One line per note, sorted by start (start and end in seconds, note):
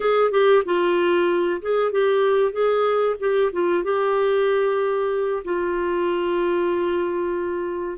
0.00 0.31 G#4
0.31 0.63 G4
0.65 1.61 F4
1.61 1.91 G#4
1.91 2.52 G4
2.52 3.16 G#4
3.19 3.51 G4
3.52 3.83 F4
3.83 5.43 G4
5.44 7.98 F4